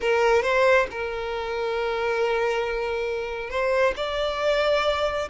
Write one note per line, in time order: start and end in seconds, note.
0.00 0.42 A#4
0.42 0.86 C5
0.90 3.50 A#4
3.50 3.94 C5
3.96 5.28 D5